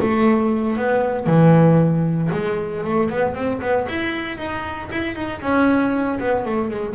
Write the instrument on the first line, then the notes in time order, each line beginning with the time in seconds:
double bass
0.00 A3
0.77 B3
1.26 E3
2.32 G#3
2.84 A3
3.09 B3
3.34 C4
3.61 B3
3.88 E4
4.37 D#4
4.91 E4
5.15 D#4
5.41 C#4
6.19 B3
6.45 A3
6.70 G#3